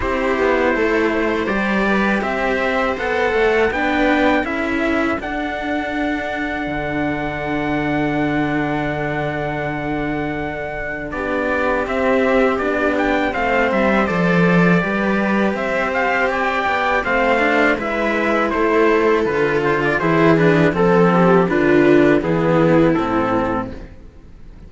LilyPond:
<<
  \new Staff \with { instrumentName = "trumpet" } { \time 4/4 \tempo 4 = 81 c''2 d''4 e''4 | fis''4 g''4 e''4 fis''4~ | fis''1~ | fis''2. d''4 |
e''4 d''8 g''8 f''8 e''8 d''4~ | d''4 e''8 f''8 g''4 f''4 | e''4 c''4 b'8 c''16 d''16 c''8 b'8 | a'4 b'4 gis'4 a'4 | }
  \new Staff \with { instrumentName = "viola" } { \time 4/4 g'4 a'8 c''4 b'8 c''4~ | c''4 b'4 a'2~ | a'1~ | a'2. g'4~ |
g'2 c''2 | b'4 c''4 d''4 c''4 | b'4 a'2 gis'4 | a'8 g'8 f'4 e'2 | }
  \new Staff \with { instrumentName = "cello" } { \time 4/4 e'2 g'2 | a'4 d'4 e'4 d'4~ | d'1~ | d'1 |
c'4 d'4 c'4 a'4 | g'2. c'8 d'8 | e'2 f'4 e'8 d'8 | c'4 d'4 b4 c'4 | }
  \new Staff \with { instrumentName = "cello" } { \time 4/4 c'8 b8 a4 g4 c'4 | b8 a8 b4 cis'4 d'4~ | d'4 d2.~ | d2. b4 |
c'4 b4 a8 g8 f4 | g4 c'4. b8 a4 | gis4 a4 d4 e4 | f4 d4 e4 a,4 | }
>>